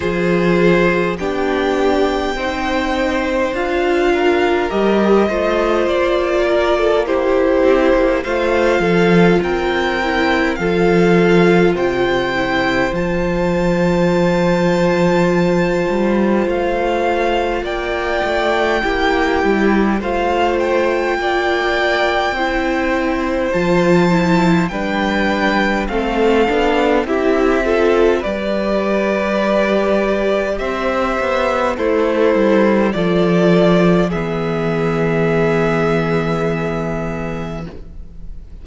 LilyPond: <<
  \new Staff \with { instrumentName = "violin" } { \time 4/4 \tempo 4 = 51 c''4 g''2 f''4 | dis''4 d''4 c''4 f''4 | g''4 f''4 g''4 a''4~ | a''2 f''4 g''4~ |
g''4 f''8 g''2~ g''8 | a''4 g''4 f''4 e''4 | d''2 e''4 c''4 | d''4 e''2. | }
  \new Staff \with { instrumentName = "violin" } { \time 4/4 gis'4 g'4 c''4. ais'8~ | ais'8 c''4 ais'16 a'16 g'4 c''8 a'8 | ais'4 a'4 c''2~ | c''2. d''4 |
g'4 c''4 d''4 c''4~ | c''4 b'4 a'4 g'8 a'8 | b'2 c''4 e'4 | a'4 gis'2. | }
  \new Staff \with { instrumentName = "viola" } { \time 4/4 f'4 d'4 dis'4 f'4 | g'8 f'4. e'4 f'4~ | f'8 e'8 f'4. e'8 f'4~ | f'1 |
e'4 f'2 e'4 | f'8 e'8 d'4 c'8 d'8 e'8 f'8 | g'2. a'4 | f'4 b2. | }
  \new Staff \with { instrumentName = "cello" } { \time 4/4 f4 b4 c'4 d'4 | g8 a8 ais4. c'16 ais16 a8 f8 | c'4 f4 c4 f4~ | f4. g8 a4 ais8 a8 |
ais8 g8 a4 ais4 c'4 | f4 g4 a8 b8 c'4 | g2 c'8 b8 a8 g8 | f4 e2. | }
>>